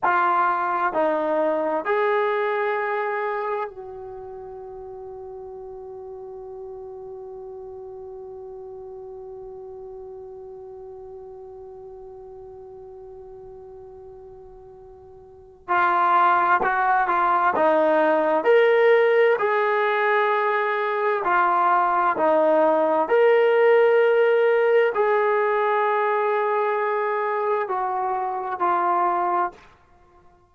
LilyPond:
\new Staff \with { instrumentName = "trombone" } { \time 4/4 \tempo 4 = 65 f'4 dis'4 gis'2 | fis'1~ | fis'1~ | fis'1~ |
fis'4 f'4 fis'8 f'8 dis'4 | ais'4 gis'2 f'4 | dis'4 ais'2 gis'4~ | gis'2 fis'4 f'4 | }